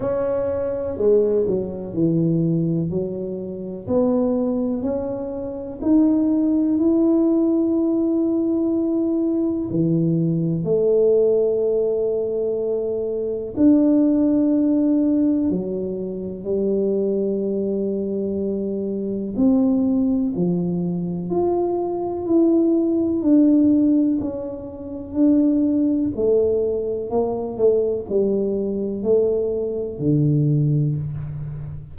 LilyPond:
\new Staff \with { instrumentName = "tuba" } { \time 4/4 \tempo 4 = 62 cis'4 gis8 fis8 e4 fis4 | b4 cis'4 dis'4 e'4~ | e'2 e4 a4~ | a2 d'2 |
fis4 g2. | c'4 f4 f'4 e'4 | d'4 cis'4 d'4 a4 | ais8 a8 g4 a4 d4 | }